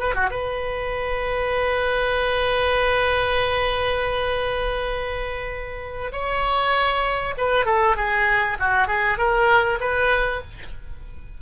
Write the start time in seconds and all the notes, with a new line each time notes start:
0.00 B4
0.15 F#4
0.31 B4
6.13 C#5
7.38 B4
7.66 A4
7.96 G#4
8.60 F#4
8.88 G#4
9.18 A#4
9.81 B4